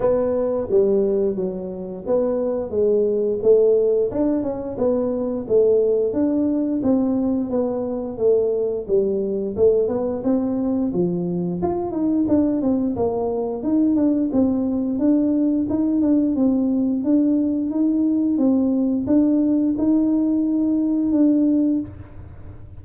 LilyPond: \new Staff \with { instrumentName = "tuba" } { \time 4/4 \tempo 4 = 88 b4 g4 fis4 b4 | gis4 a4 d'8 cis'8 b4 | a4 d'4 c'4 b4 | a4 g4 a8 b8 c'4 |
f4 f'8 dis'8 d'8 c'8 ais4 | dis'8 d'8 c'4 d'4 dis'8 d'8 | c'4 d'4 dis'4 c'4 | d'4 dis'2 d'4 | }